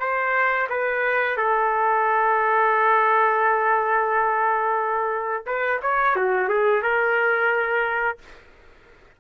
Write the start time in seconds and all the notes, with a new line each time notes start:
0.00 C5
0.69 B4
1.37 A4
5.47 B4
5.82 C#5
6.16 F#4
6.49 G#4
6.83 A#4